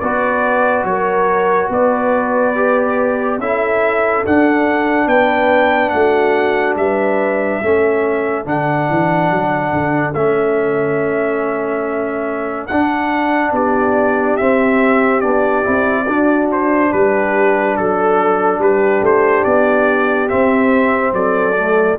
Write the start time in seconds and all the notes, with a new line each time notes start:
0.00 B3 F#4 B4 D5
0.84 F#3 A#4 C#5
1.69 B3 B4 D5
2.55 G4
3.38 C#4 E4 A4 E5
4.26 D4 F#5
5.07 B3 B4 G5
5.89 A3 F#4 F#5
6.76 G3 B4 E5
7.62 A3 C#4 A4
8.45 D3 D4 F#5
8.89 E3
9.30 F#3
9.72 D3
10.14 A3 C#4 E5
12.67 D4 F#5
13.52 B3 G4 D5
14.36 C4 E5
15.21 B3 D4 D5
15.63 C4 E4
16.04 D4 F#4
16.52 C5
16.90 G3 G4 B4
17.76 F#3 A4
18.58 G3 G4 B4
19.01 A3 C5
19.44 B3 D5
20.28 C4 E5
21.12 F#3 A4 D5
21.56 A3